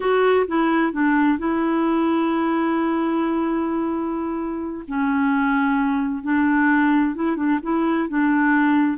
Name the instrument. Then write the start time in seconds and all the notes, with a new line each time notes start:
clarinet
0.00 F#4
0.47 E4
0.92 D4
1.38 E4
4.87 C#4
6.23 D4
7.15 E4
7.36 D4
7.62 E4
8.08 D4